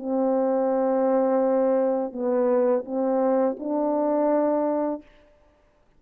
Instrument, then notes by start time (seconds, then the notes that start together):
horn
0.00 C4
2.13 B3
2.86 C4
3.60 D4